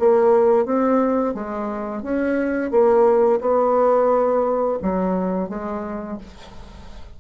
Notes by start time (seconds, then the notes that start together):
0.00 A#3
0.66 C4
1.35 G#3
2.03 C#4
2.71 A#3
3.41 B3
4.83 F#3
5.50 G#3